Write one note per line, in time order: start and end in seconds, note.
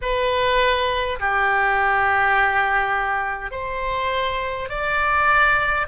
0.01 1.19 B4
1.19 3.51 G4
3.51 4.68 C5
4.68 5.86 D5